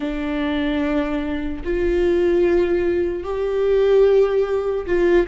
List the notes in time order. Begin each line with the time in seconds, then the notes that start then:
0.00 D4
1.64 F4
3.23 G4
4.86 F4